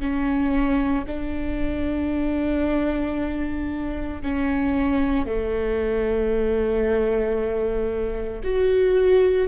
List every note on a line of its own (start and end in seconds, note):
0.00 1.05 C#4
1.07 4.22 D4
4.22 5.26 C#4
5.26 8.42 A3
8.44 9.48 F#4